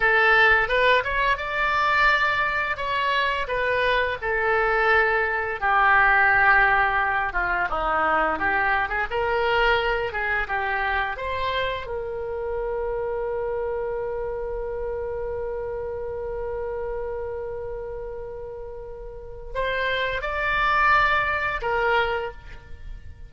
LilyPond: \new Staff \with { instrumentName = "oboe" } { \time 4/4 \tempo 4 = 86 a'4 b'8 cis''8 d''2 | cis''4 b'4 a'2 | g'2~ g'8 f'8 dis'4 | g'8. gis'16 ais'4. gis'8 g'4 |
c''4 ais'2.~ | ais'1~ | ais'1 | c''4 d''2 ais'4 | }